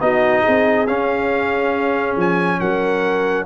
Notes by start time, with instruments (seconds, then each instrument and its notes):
0.00 tuba B3, trombone D#4, horn F#4, trumpet D#5
0.42 tuba C4, horn G#4
0.87 tuba C#4, trombone C#4, trumpet F5
2.16 tuba F3, trumpet G#5
2.60 tuba F#3, horn A#4, trumpet F#5